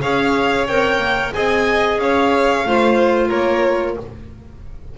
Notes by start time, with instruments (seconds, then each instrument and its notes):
0.00 double bass C#4, clarinet G#4, violin C#5 F5
0.67 double bass C4, clarinet A#4, violin G5
0.98 double bass A#3
1.33 double bass C4, clarinet G#4, violin D#5 G#5
1.98 double bass C#4, violin C#5 F5
2.64 double bass A3, clarinet F4, violin C5
3.28 double bass A#3, violin A#4 C#5